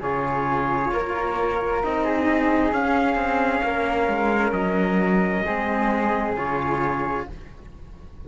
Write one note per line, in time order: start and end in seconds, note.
0.00 0.92 C#3
0.00 1.83 F4
0.00 0.91 G#4
0.00 1.84 C#5
0.92 1.83 A#3
0.92 2.04 A#4
1.83 2.73 C4
1.83 2.72 D#4
1.83 2.73 D#5
2.04 3.63 G#4
2.72 5.45 C#4
2.72 3.15 C#4
2.72 4.53 F5
3.15 3.61 C4
3.63 4.07 A#3
3.63 5.45 A#4
4.07 4.52 G#3
4.52 5.43 F#3
4.52 6.34 D#5
5.45 6.36 G#3
5.45 6.36 C4
5.45 7.27 G#4
6.36 7.27 C#3
6.36 7.27 F4
6.36 7.28 C#5